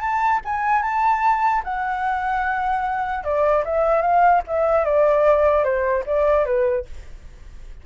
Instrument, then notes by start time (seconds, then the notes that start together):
flute
0.00 A5
0.45 G#5
0.82 A5
1.63 F#5
3.24 D5
3.64 E5
4.01 F5
4.47 E5
4.85 D5
5.63 C5
6.06 D5
6.45 B4